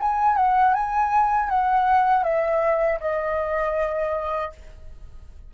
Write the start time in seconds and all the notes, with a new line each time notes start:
0.00 G#5
0.36 F#5
0.74 G#5
1.49 F#5
2.23 E5
3.00 D#5